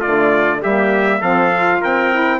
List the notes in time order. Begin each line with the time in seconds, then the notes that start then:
0.00 A3 F4 D5
0.07 D3
0.62 G3 A#3 G4 E5
1.20 F3 C4 A4 F5
1.53 F4
1.81 C4 A#4 G5
2.11 E4